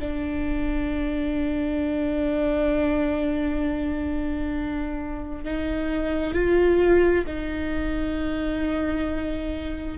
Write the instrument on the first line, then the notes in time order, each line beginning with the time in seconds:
viola
0.00 D4
5.45 D#4
6.34 F4
7.27 D#4